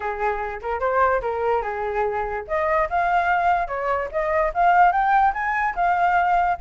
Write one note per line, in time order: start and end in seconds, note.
0.00 0.60 G#4
0.62 0.80 A#4
0.80 1.21 C5
1.21 1.62 A#4
1.62 2.44 G#4
2.47 2.88 D#5
2.89 3.67 F5
3.67 4.08 C#5
4.11 4.52 D#5
4.53 4.92 F5
4.92 5.33 G5
5.33 5.74 G#5
5.75 6.57 F5